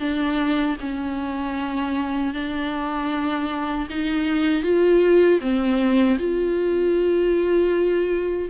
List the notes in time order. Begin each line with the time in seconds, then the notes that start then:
0.00 D4
0.80 C#4
2.34 D4
3.90 D#4
4.64 F4
5.41 C4
6.19 F4